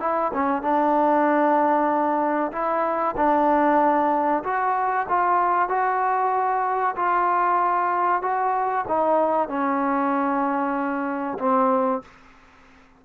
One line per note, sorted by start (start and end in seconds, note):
0.00 0.32 E4
0.34 0.62 C#4
0.62 2.51 D4
2.52 3.15 E4
3.17 4.43 D4
4.44 5.07 F#4
5.09 5.69 F4
5.69 6.95 F#4
6.96 8.22 F4
8.22 8.85 F#4
8.88 9.49 D#4
9.49 11.38 C#4
11.39 12.02 C4